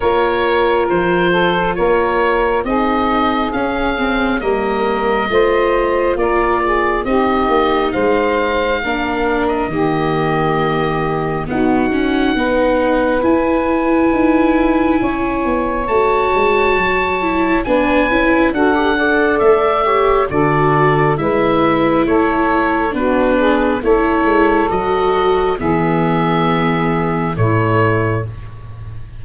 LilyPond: <<
  \new Staff \with { instrumentName = "oboe" } { \time 4/4 \tempo 4 = 68 cis''4 c''4 cis''4 dis''4 | f''4 dis''2 d''4 | dis''4 f''4.~ f''16 dis''4~ dis''16~ | dis''4 fis''2 gis''4~ |
gis''2 a''2 | gis''4 fis''4 e''4 d''4 | e''4 cis''4 b'4 cis''4 | dis''4 e''2 cis''4 | }
  \new Staff \with { instrumentName = "saxophone" } { \time 4/4 ais'4. a'8 ais'4 gis'4~ | gis'4 ais'4 c''4 ais'8 gis'8 | g'4 c''4 ais'4 g'4~ | g'4 fis'4 b'2~ |
b'4 cis''2. | b'4 a'8 d''4 cis''8 a'4 | b'4 a'4 fis'8 gis'8 a'4~ | a'4 gis'2 e'4 | }
  \new Staff \with { instrumentName = "viola" } { \time 4/4 f'2. dis'4 | cis'8 c'8 ais4 f'2 | dis'2 d'4 ais4~ | ais4 b8 cis'8 dis'4 e'4~ |
e'2 fis'4. e'8 | d'8 e'8 fis'16 g'16 a'4 g'8 fis'4 | e'2 d'4 e'4 | fis'4 b2 a4 | }
  \new Staff \with { instrumentName = "tuba" } { \time 4/4 ais4 f4 ais4 c'4 | cis'4 g4 a4 ais4 | c'8 ais8 gis4 ais4 dis4~ | dis4 dis'4 b4 e'4 |
dis'4 cis'8 b8 a8 gis8 fis4 | b8 cis'8 d'4 a4 d4 | gis4 a4 b4 a8 gis8 | fis4 e2 a,4 | }
>>